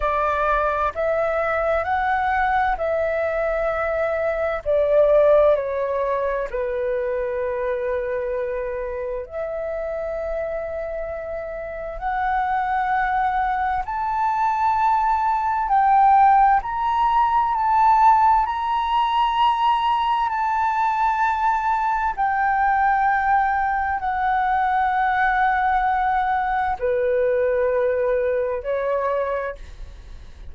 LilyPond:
\new Staff \with { instrumentName = "flute" } { \time 4/4 \tempo 4 = 65 d''4 e''4 fis''4 e''4~ | e''4 d''4 cis''4 b'4~ | b'2 e''2~ | e''4 fis''2 a''4~ |
a''4 g''4 ais''4 a''4 | ais''2 a''2 | g''2 fis''2~ | fis''4 b'2 cis''4 | }